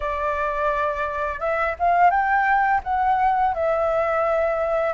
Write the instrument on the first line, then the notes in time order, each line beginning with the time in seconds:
flute
0.00 D5
1.40 E5
1.79 F5
2.10 G5
2.83 F#5
3.54 E5